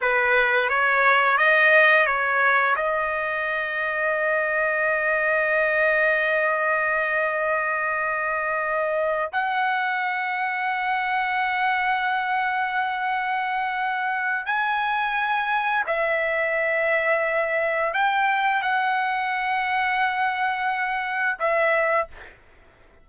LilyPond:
\new Staff \with { instrumentName = "trumpet" } { \time 4/4 \tempo 4 = 87 b'4 cis''4 dis''4 cis''4 | dis''1~ | dis''1~ | dis''4. fis''2~ fis''8~ |
fis''1~ | fis''4 gis''2 e''4~ | e''2 g''4 fis''4~ | fis''2. e''4 | }